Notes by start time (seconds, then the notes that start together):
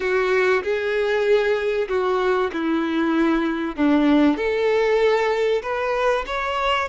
0.00 F#4
0.63 G#4
1.88 F#4
2.52 E4
3.76 D4
4.36 A4
5.62 B4
6.26 C#5